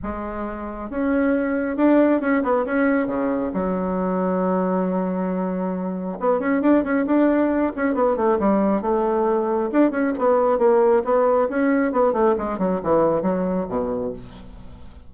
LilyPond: \new Staff \with { instrumentName = "bassoon" } { \time 4/4 \tempo 4 = 136 gis2 cis'2 | d'4 cis'8 b8 cis'4 cis4 | fis1~ | fis2 b8 cis'8 d'8 cis'8 |
d'4. cis'8 b8 a8 g4 | a2 d'8 cis'8 b4 | ais4 b4 cis'4 b8 a8 | gis8 fis8 e4 fis4 b,4 | }